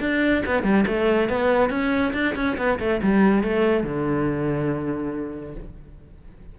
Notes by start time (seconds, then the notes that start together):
0.00 D4
0.46 B3
0.63 G3
0.87 A3
1.29 B3
1.70 C#4
2.14 D4
2.36 C#4
2.58 B3
2.80 A3
3.03 G3
3.43 A3
3.83 D3